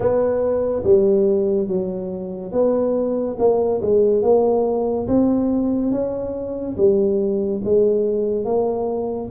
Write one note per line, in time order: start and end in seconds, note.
0.00 0.83 B3
0.83 1.67 G3
1.67 2.52 F#3
2.52 3.36 B3
3.38 3.81 A#3
3.81 4.22 G#3
4.22 5.07 A#3
5.07 5.91 C4
5.91 6.76 C#4
6.77 7.61 G3
7.64 8.45 G#3
8.45 9.29 A#3